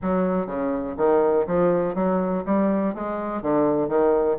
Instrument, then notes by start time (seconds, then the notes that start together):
bassoon
0.02 F#3
0.46 C#3
0.97 D#3
1.46 F3
1.94 F#3
2.45 G3
2.94 G#3
3.42 D3
3.88 D#3